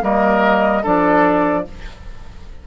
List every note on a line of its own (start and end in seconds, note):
0.00 0.83 G3
0.00 0.81 A#3
0.00 0.83 A#4
0.00 0.85 D#5
0.83 1.67 F3
0.83 1.65 D4
0.83 1.64 A4
0.83 1.67 D5